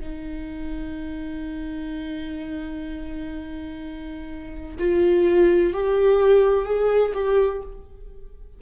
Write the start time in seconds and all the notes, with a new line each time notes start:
0.00 D#4
4.79 F4
5.74 G4
6.65 G#4
7.14 G4